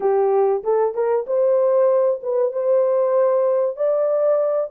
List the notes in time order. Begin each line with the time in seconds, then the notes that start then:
0.00 G4
0.63 A4
0.94 A#4
1.27 C5
2.22 B4
2.52 C5
3.76 D5